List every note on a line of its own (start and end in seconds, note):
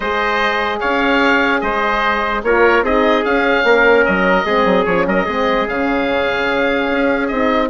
0.00 0.80 G#3
0.00 2.45 G#4
0.00 0.79 C5
0.00 0.79 D#5
0.80 1.61 C#4
0.80 1.61 C#5
0.80 1.60 F5
1.60 2.42 G#3
1.60 2.44 C5
1.60 2.41 D#5
2.42 2.82 A#3
2.42 2.84 F4
2.42 2.84 A#4
2.42 2.84 C#5
2.82 3.22 C4
2.82 3.25 D#4
2.82 3.65 G#4
2.82 3.24 D#5
3.24 3.64 C#4
3.24 4.46 C#4
3.24 4.05 F5
3.64 4.04 A#3
3.64 4.45 A#4
4.05 4.44 F#3
4.05 4.85 D#5
4.44 4.65 G#3
4.44 4.86 C4
4.44 5.06 G#4
4.65 4.85 F#3
4.85 5.06 F3
4.85 5.27 C#4
4.85 5.05 C#5
5.06 5.26 F#3
5.06 5.25 A#4
5.06 5.68 D#5
5.25 5.67 G#3
5.25 5.67 C4
5.25 7.68 G#4
5.67 6.89 C#3
5.67 7.30 C#4
5.67 7.27 F5
6.90 7.30 C#4
7.27 7.70 C4
7.27 7.70 D#4
7.27 7.68 D#5